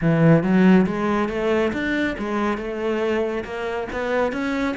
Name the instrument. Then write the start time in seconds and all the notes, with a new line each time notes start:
cello
0.01 E3
0.43 F#3
0.86 G#3
1.28 A3
1.72 D4
2.18 G#3
2.57 A3
3.44 A#3
3.92 B3
4.32 C#4